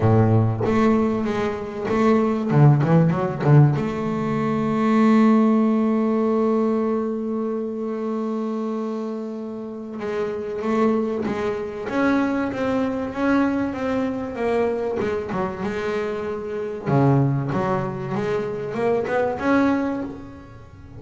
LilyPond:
\new Staff \with { instrumentName = "double bass" } { \time 4/4 \tempo 4 = 96 a,4 a4 gis4 a4 | d8 e8 fis8 d8 a2~ | a1~ | a1 |
gis4 a4 gis4 cis'4 | c'4 cis'4 c'4 ais4 | gis8 fis8 gis2 cis4 | fis4 gis4 ais8 b8 cis'4 | }